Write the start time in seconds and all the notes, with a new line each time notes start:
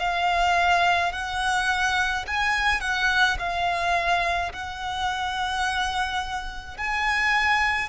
0.00 F5
1.13 F#5
2.27 G#5
2.81 F#5
3.39 F5
4.53 F#5
6.78 G#5